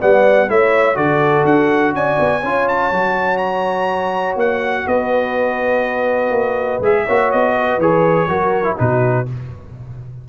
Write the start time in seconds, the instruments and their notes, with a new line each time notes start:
0.00 tuba G3, trombone B3, horn D5, trumpet F#5
0.48 tuba A3, trombone E4, horn C#5, trumpet E5
0.95 tuba D3, trombone F#4, horn A4, trumpet D5
1.44 tuba D4, trumpet F#5
1.93 tuba C#4, horn D5, trumpet G#5
2.19 tuba B3
2.41 tuba C#4, trombone F4, horn C#5
2.68 trumpet A5
2.91 tuba F#3, trombone F#4
3.37 trumpet A#5
4.35 tuba A#3, trumpet F#5
4.86 tuba B3, horn B4, trumpet D#5
6.30 tuba A#3
6.80 tuba G#3, trombone G#4, trumpet E5
7.05 tuba A#3, trombone F#4, horn C#5
7.31 tuba B3, trumpet D#5
7.58 horn B4
7.78 tuba E3, trombone G#4, trumpet C#5
8.27 tuba F#3, trombone F#4, horn A#4
8.64 trombone E4
8.76 tuba B2, trombone D#4, horn F#4, trumpet B4